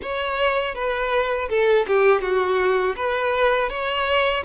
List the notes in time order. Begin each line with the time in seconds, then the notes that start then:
0.02 C#5
0.74 B4
1.48 A4
1.87 G4
2.21 F#4
2.96 B4
3.69 C#5